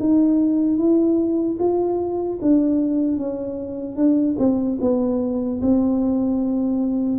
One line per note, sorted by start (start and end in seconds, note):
0.00 0.78 D#4
0.78 1.58 E4
1.59 2.39 F4
2.42 3.17 D4
3.17 3.96 C#4
3.96 4.36 D4
4.39 4.79 C4
4.81 5.61 B3
5.62 7.19 C4